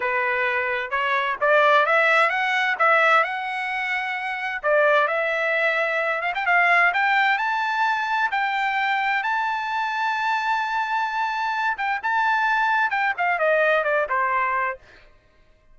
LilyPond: \new Staff \with { instrumentName = "trumpet" } { \time 4/4 \tempo 4 = 130 b'2 cis''4 d''4 | e''4 fis''4 e''4 fis''4~ | fis''2 d''4 e''4~ | e''4. f''16 g''16 f''4 g''4 |
a''2 g''2 | a''1~ | a''4. g''8 a''2 | g''8 f''8 dis''4 d''8 c''4. | }